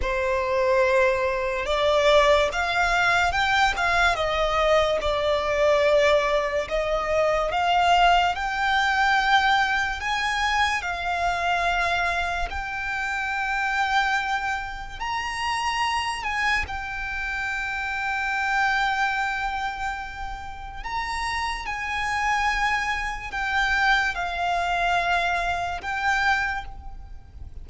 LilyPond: \new Staff \with { instrumentName = "violin" } { \time 4/4 \tempo 4 = 72 c''2 d''4 f''4 | g''8 f''8 dis''4 d''2 | dis''4 f''4 g''2 | gis''4 f''2 g''4~ |
g''2 ais''4. gis''8 | g''1~ | g''4 ais''4 gis''2 | g''4 f''2 g''4 | }